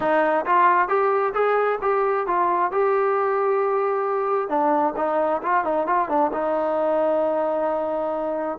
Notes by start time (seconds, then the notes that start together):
0.00 D#4
0.45 F4
0.88 G4
1.33 G#4
1.81 G4
2.26 F4
2.71 G4
4.49 D4
4.96 D#4
5.42 F4
5.64 D#4
5.86 F4
6.08 D4
6.32 D#4